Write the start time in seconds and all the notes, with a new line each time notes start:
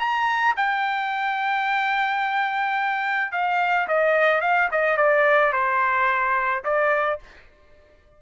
0.00 A#5
0.57 G5
3.32 F5
3.88 D#5
4.42 F5
4.72 D#5
4.97 D5
5.53 C5
6.65 D5